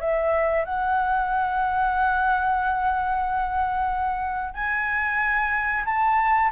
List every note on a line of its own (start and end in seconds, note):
0.00 0.65 E5
0.65 4.54 F#5
4.54 5.85 G#5
5.85 6.50 A5